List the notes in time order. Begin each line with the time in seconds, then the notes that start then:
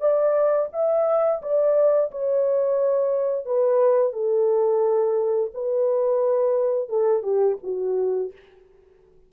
0.00 D5
0.73 E5
1.42 D5
2.11 C#5
3.46 B4
4.13 A4
5.54 B4
6.89 A4
7.23 G4
7.64 F#4